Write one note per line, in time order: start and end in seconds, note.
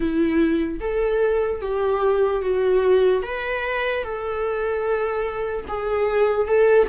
0.00 0.79 E4
0.80 1.61 A4
1.61 2.41 G4
2.41 3.22 F#4
3.22 4.03 B4
4.03 5.65 A4
5.68 6.46 G#4
6.46 6.87 A4